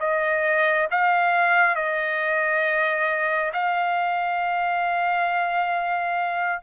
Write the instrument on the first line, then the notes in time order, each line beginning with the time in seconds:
trumpet
0.00 D#5
0.91 F5
1.75 D#5
3.53 F5